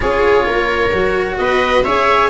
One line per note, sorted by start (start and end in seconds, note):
0.00 0.45 C#4
0.00 0.90 F4
0.00 0.47 G#4
0.00 1.36 C#5
0.45 0.92 A#3
0.45 1.39 A#4
0.92 1.38 F#3
0.92 1.84 F#4
1.38 1.84 B3
1.38 1.84 B4
1.38 1.84 D#5
1.84 2.30 C#4
1.84 2.30 G#4
1.84 2.30 C#5
1.84 2.30 E5